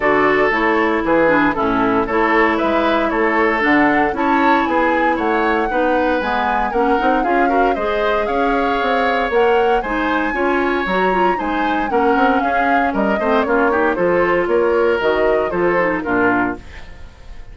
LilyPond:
<<
  \new Staff \with { instrumentName = "flute" } { \time 4/4 \tempo 4 = 116 d''4 cis''4 b'4 a'4 | cis''4 e''4 cis''4 fis''4 | a''4 gis''4 fis''2 | gis''4 fis''4 f''4 dis''4 |
f''2 fis''4 gis''4~ | gis''4 ais''4 gis''4 fis''4 | f''4 dis''4 cis''4 c''4 | cis''4 dis''4 c''4 ais'4 | }
  \new Staff \with { instrumentName = "oboe" } { \time 4/4 a'2 gis'4 e'4 | a'4 b'4 a'2 | cis''4 gis'4 cis''4 b'4~ | b'4 ais'4 gis'8 ais'8 c''4 |
cis''2. c''4 | cis''2 c''4 ais'4 | gis'4 ais'8 c''8 f'8 g'8 a'4 | ais'2 a'4 f'4 | }
  \new Staff \with { instrumentName = "clarinet" } { \time 4/4 fis'4 e'4. d'8 cis'4 | e'2. d'4 | e'2. dis'4 | b4 cis'8 dis'8 f'8 fis'8 gis'4~ |
gis'2 ais'4 dis'4 | f'4 fis'8 f'8 dis'4 cis'4~ | cis'4. c'8 cis'8 dis'8 f'4~ | f'4 fis'4 f'8 dis'8 d'4 | }
  \new Staff \with { instrumentName = "bassoon" } { \time 4/4 d4 a4 e4 a,4 | a4 gis4 a4 d4 | cis'4 b4 a4 b4 | gis4 ais8 c'8 cis'4 gis4 |
cis'4 c'4 ais4 gis4 | cis'4 fis4 gis4 ais8 c'8 | cis'4 g8 a8 ais4 f4 | ais4 dis4 f4 ais,4 | }
>>